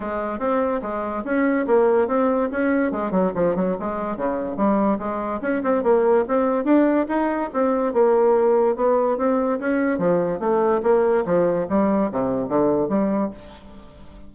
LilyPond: \new Staff \with { instrumentName = "bassoon" } { \time 4/4 \tempo 4 = 144 gis4 c'4 gis4 cis'4 | ais4 c'4 cis'4 gis8 fis8 | f8 fis8 gis4 cis4 g4 | gis4 cis'8 c'8 ais4 c'4 |
d'4 dis'4 c'4 ais4~ | ais4 b4 c'4 cis'4 | f4 a4 ais4 f4 | g4 c4 d4 g4 | }